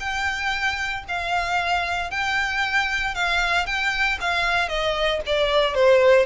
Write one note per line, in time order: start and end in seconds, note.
0.00 1.04 G5
1.08 2.11 F5
2.11 3.15 G5
3.15 3.67 F5
3.67 4.19 G5
4.21 4.69 F5
4.69 5.21 D#5
5.27 5.75 D5
5.75 6.26 C5